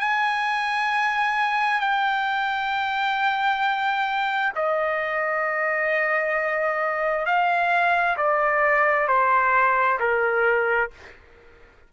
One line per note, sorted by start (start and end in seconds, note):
0.00 1.80 G#5
1.80 4.53 G5
4.55 7.26 D#5
7.26 8.17 F5
8.17 9.08 D5
9.08 9.99 C5
10.00 10.90 A#4